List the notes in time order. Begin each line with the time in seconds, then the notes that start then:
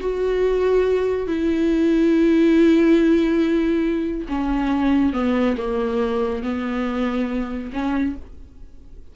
0.00 F#4
1.27 E4
4.29 C#4
5.13 B3
5.57 A#3
6.43 B3
7.73 C#4